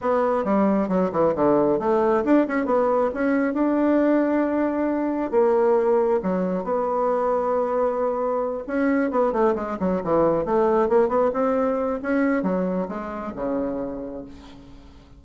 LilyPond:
\new Staff \with { instrumentName = "bassoon" } { \time 4/4 \tempo 4 = 135 b4 g4 fis8 e8 d4 | a4 d'8 cis'8 b4 cis'4 | d'1 | ais2 fis4 b4~ |
b2.~ b8 cis'8~ | cis'8 b8 a8 gis8 fis8 e4 a8~ | a8 ais8 b8 c'4. cis'4 | fis4 gis4 cis2 | }